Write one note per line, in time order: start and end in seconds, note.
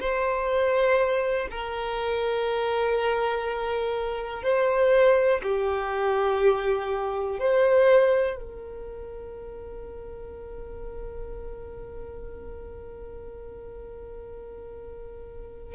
0.00 1.48 C5
1.51 4.43 A#4
4.43 5.41 C5
5.43 7.39 G4
7.39 8.37 C5
8.37 15.74 A#4